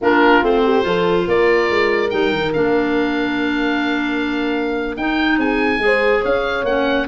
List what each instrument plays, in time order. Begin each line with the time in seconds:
0.01 tuba A#3, clarinet D4, horn F4, oboe A#4
0.42 tuba A3, clarinet C4, oboe C5
0.64 horn G4
0.82 tuba F3, clarinet F4, horn A4
1.27 tuba A#3, horn A#4, oboe D5
1.69 tuba G#3
2.10 tuba G3, clarinet D#4, oboe G5
2.32 tuba D#3
2.53 tuba A#3, clarinet D4, oboe F5
4.96 tuba D#4, clarinet D#4, oboe G5
5.37 tuba C4, horn G#4, oboe G#5
5.78 tuba G#3, clarinet G#4
5.85 horn C5
6.21 tuba C#4, horn C#5, oboe F5
6.63 tuba A#3, clarinet C#4, oboe F#5